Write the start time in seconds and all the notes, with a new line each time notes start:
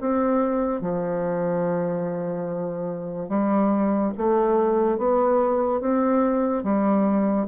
0.00 C4
0.81 F3
3.29 G3
4.17 A3
4.97 B3
5.80 C4
6.63 G3